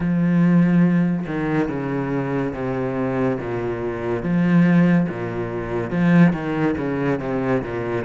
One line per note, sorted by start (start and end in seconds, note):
0.00 1.26 F3
1.27 1.68 D#3
1.68 2.53 C#3
2.53 3.38 C3
3.40 4.23 A#2
4.23 5.07 F3
5.09 5.90 A#2
5.90 6.32 F3
6.33 6.75 D#3
6.77 7.19 C#3
7.19 7.62 C3
7.62 8.04 A#2